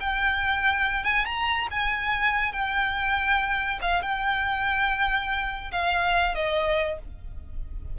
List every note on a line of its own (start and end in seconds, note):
0.00 1.04 G5
1.04 1.25 G#5
1.25 1.67 A#5
1.71 2.52 G#5
2.52 3.79 G5
3.81 4.02 F5
4.02 5.71 G5
5.72 6.35 F5
6.35 6.98 D#5